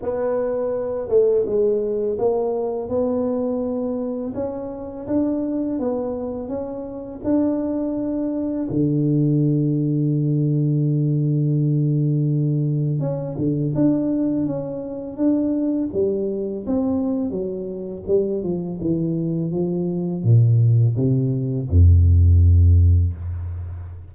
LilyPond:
\new Staff \with { instrumentName = "tuba" } { \time 4/4 \tempo 4 = 83 b4. a8 gis4 ais4 | b2 cis'4 d'4 | b4 cis'4 d'2 | d1~ |
d2 cis'8 d8 d'4 | cis'4 d'4 g4 c'4 | fis4 g8 f8 e4 f4 | ais,4 c4 f,2 | }